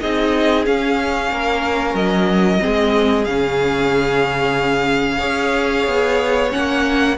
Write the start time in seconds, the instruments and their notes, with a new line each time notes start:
0.00 cello C4, viola D#4, violin G#4 D#5
0.65 viola C#4, cello C#4, violin F5
1.32 cello A#3, violin A#4
1.94 cello F#3, violin D#5
2.59 viola C4, violin G#4
2.66 cello G#3
3.24 cello C#3, viola C#4, violin F5
5.18 cello C#4, viola G#4, violin C#5
5.87 cello B3
6.51 cello A#3, viola C#4, violin F#5